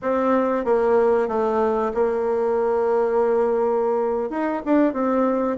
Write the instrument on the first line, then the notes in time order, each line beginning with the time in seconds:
bassoon
0.02 C4
0.64 A#3
1.28 A3
1.94 A#3
4.30 D#4
4.65 D4
4.93 C4